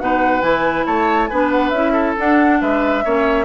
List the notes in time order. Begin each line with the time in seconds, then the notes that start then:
0.00 B2 D#4 B4 F#5
0.42 E3 E4 G#5
0.86 A3 C#5 A5
1.28 B3 D4 B4 G#5
1.52 F#5
1.69 C#4 E4 E5
1.93 A4
2.17 D4 F#5
2.61 G#3 B4 E5
3.05 A#3 C#4 C#5